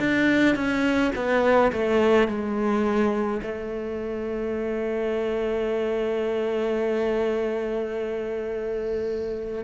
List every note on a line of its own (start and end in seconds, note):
0.00 0.56 D4
0.56 1.12 C#4
1.15 1.72 B3
1.72 2.28 A3
2.28 3.41 G#3
3.43 9.64 A3